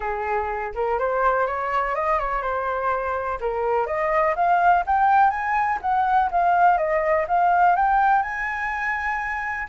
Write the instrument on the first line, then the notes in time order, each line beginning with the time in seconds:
flute
0.00 G#4
0.75 A#4
0.98 C5
1.46 C#5
1.95 D#5
2.19 C#5
2.41 C5
3.40 A#4
3.86 D#5
4.35 F5
4.86 G5
5.30 G#5
5.81 F#5
6.31 F5
6.77 D#5
7.27 F5
7.76 G5
8.22 G#5